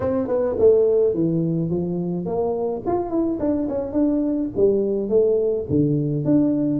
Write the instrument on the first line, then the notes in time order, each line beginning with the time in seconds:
tuba
0.00 C4
0.27 B3
0.58 A3
1.14 E3
1.70 F3
2.25 A#3
2.86 F4
3.10 E4
3.39 D4
3.68 C#4
3.92 D4
4.56 G3
5.09 A3
5.69 D3
6.24 D4